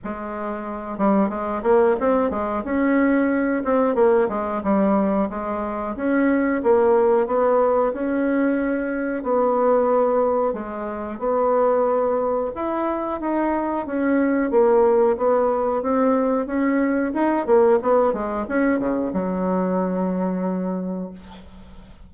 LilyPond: \new Staff \with { instrumentName = "bassoon" } { \time 4/4 \tempo 4 = 91 gis4. g8 gis8 ais8 c'8 gis8 | cis'4. c'8 ais8 gis8 g4 | gis4 cis'4 ais4 b4 | cis'2 b2 |
gis4 b2 e'4 | dis'4 cis'4 ais4 b4 | c'4 cis'4 dis'8 ais8 b8 gis8 | cis'8 cis8 fis2. | }